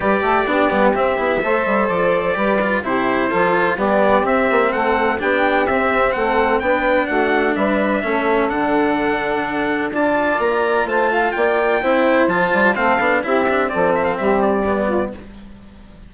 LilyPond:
<<
  \new Staff \with { instrumentName = "trumpet" } { \time 4/4 \tempo 4 = 127 d''2 e''2 | d''2 c''2 | d''4 e''4 fis''4 g''4 | e''4 fis''4 g''4 fis''4 |
e''2 fis''2~ | fis''4 a''4 ais''4 a''4 | g''2 a''4 f''4 | e''4 d''8 e''16 f''16 e''8 d''4. | }
  \new Staff \with { instrumentName = "saxophone" } { \time 4/4 b'8 a'8 g'2 c''4~ | c''4 b'4 g'4 a'4 | g'2 a'4 g'4~ | g'4 a'4 b'4 fis'4 |
b'4 a'2.~ | a'4 d''2 c''8 f''8 | d''4 c''2 a'4 | g'4 a'4 g'4. f'8 | }
  \new Staff \with { instrumentName = "cello" } { \time 4/4 g'4 d'8 b8 c'8 e'8 a'4~ | a'4 g'8 f'8 e'4 f'4 | b4 c'2 d'4 | c'2 d'2~ |
d'4 cis'4 d'2~ | d'4 f'2.~ | f'4 e'4 f'4 c'8 d'8 | e'8 d'8 c'2 b4 | }
  \new Staff \with { instrumentName = "bassoon" } { \time 4/4 g8 a8 b8 g8 c'8 b8 a8 g8 | f4 g4 c4 f4 | g4 c'8 ais8 a4 b4 | c'4 a4 b4 a4 |
g4 a4 d2~ | d4 d'4 ais4 a4 | ais4 c'4 f8 g8 a8 b8 | c'4 f4 g2 | }
>>